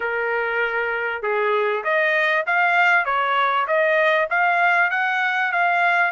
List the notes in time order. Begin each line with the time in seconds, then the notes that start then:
0.00 A#4
1.22 G#4
1.83 D#5
2.46 F5
3.05 C#5
3.67 D#5
4.29 F5
4.90 F#5
5.52 F5